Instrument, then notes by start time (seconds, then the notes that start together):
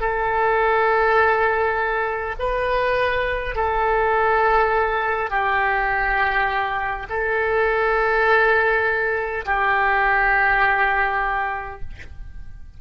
oboe
0.00 A4
2.39 B4
3.55 A4
5.30 G4
7.09 A4
9.45 G4